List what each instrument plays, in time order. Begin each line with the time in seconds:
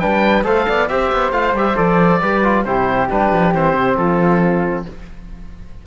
0.00 cello G3, trombone D4, flute B4, oboe G5
0.44 cello A3, trombone A4, flute C5, oboe F5
0.68 cello B3, flute D5
0.89 cello C4, trombone G4, flute C5, oboe E5
1.13 cello B3
1.32 cello A3, trombone F4, oboe F5
1.54 cello G3, trombone G4, oboe E5
1.76 cello F3, trombone A4, oboe D5
2.21 cello G3, trombone G4, flute B4
2.44 trombone F4
2.64 cello C3, trombone E4, flute G4, oboe C5
3.10 cello G3, trombone D4, oboe B4
3.33 cello F3
3.55 cello E3, trombone C4, oboe C5
3.74 cello C3
3.97 cello F3, flute F4, oboe A4